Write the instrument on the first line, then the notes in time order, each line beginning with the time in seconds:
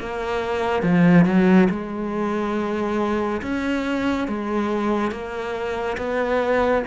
cello
0.00 A#3
0.83 F3
1.25 F#3
1.70 G#3
3.42 C#4
4.28 G#3
5.12 A#3
5.98 B3